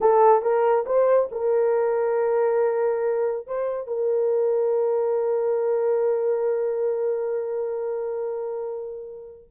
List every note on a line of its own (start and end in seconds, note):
0.01 0.41 A4
0.41 0.85 A#4
0.86 1.29 C5
1.31 3.46 A#4
3.46 3.87 C5
3.87 9.48 A#4